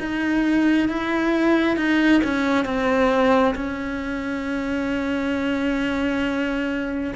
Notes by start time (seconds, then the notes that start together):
0.00 D#4
0.89 E4
1.77 D#4
2.24 C#4
2.65 C4
3.55 C#4